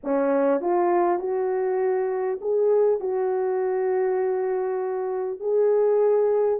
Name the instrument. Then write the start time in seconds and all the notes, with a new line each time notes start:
horn
0.03 C#4
0.60 F4
1.19 F#4
2.41 G#4
3.00 F#4
5.40 G#4